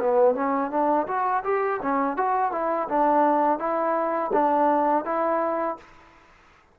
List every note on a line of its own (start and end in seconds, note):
0.00 0.35 B3
0.35 0.71 C#4
0.71 1.07 D4
1.07 1.44 F#4
1.44 1.80 G4
1.82 2.17 C#4
2.17 2.52 F#4
2.52 2.88 E4
2.89 3.59 D4
3.59 4.31 E4
4.33 5.05 D4
5.05 5.78 E4